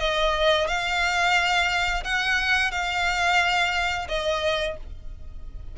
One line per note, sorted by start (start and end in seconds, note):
0.00 0.67 D#5
0.67 2.04 F5
2.04 2.71 F#5
2.71 4.08 F5
4.08 4.77 D#5